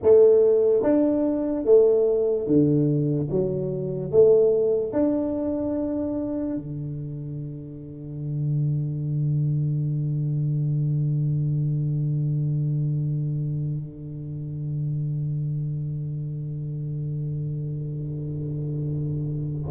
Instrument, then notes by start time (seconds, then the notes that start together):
tuba
0.02 A3
0.82 D4
1.64 A3
2.47 D3
3.30 F#3
4.11 A3
4.92 D4
6.56 D3